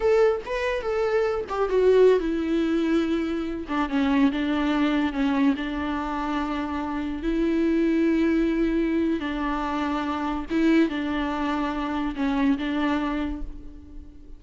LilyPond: \new Staff \with { instrumentName = "viola" } { \time 4/4 \tempo 4 = 143 a'4 b'4 a'4. g'8 | fis'4~ fis'16 e'2~ e'8.~ | e'8. d'8 cis'4 d'4.~ d'16~ | d'16 cis'4 d'2~ d'8.~ |
d'4~ d'16 e'2~ e'8.~ | e'2 d'2~ | d'4 e'4 d'2~ | d'4 cis'4 d'2 | }